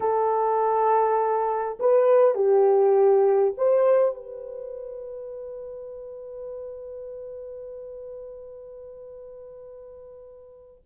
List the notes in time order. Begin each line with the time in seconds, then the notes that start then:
0.00 A4
1.79 B4
2.34 G4
3.57 C5
4.14 B4